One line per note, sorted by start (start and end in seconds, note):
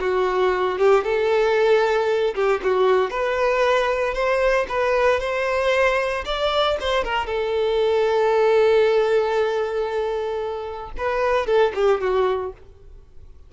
0.00 0.78 F#4
0.78 1.04 G4
1.04 2.34 A4
2.35 2.61 G4
2.63 3.10 F#4
3.10 4.14 B4
4.14 4.66 C5
4.69 5.20 B4
5.20 6.24 C5
6.25 6.77 D5
6.80 7.04 C5
7.04 7.26 A#4
7.26 10.92 A4
10.98 11.46 B4
11.46 11.72 A4
11.75 12.01 G4
12.01 12.53 F#4